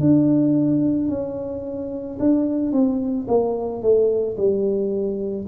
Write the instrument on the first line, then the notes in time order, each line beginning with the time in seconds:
tuba
0.00 D4
1.08 C#4
2.19 D4
2.72 C4
3.27 A#3
3.82 A3
4.36 G3